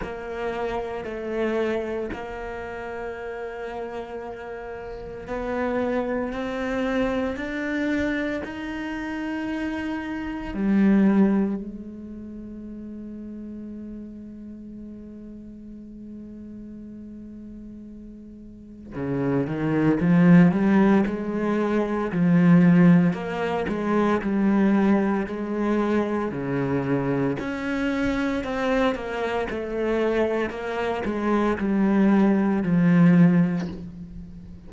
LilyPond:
\new Staff \with { instrumentName = "cello" } { \time 4/4 \tempo 4 = 57 ais4 a4 ais2~ | ais4 b4 c'4 d'4 | dis'2 g4 gis4~ | gis1~ |
gis2 cis8 dis8 f8 g8 | gis4 f4 ais8 gis8 g4 | gis4 cis4 cis'4 c'8 ais8 | a4 ais8 gis8 g4 f4 | }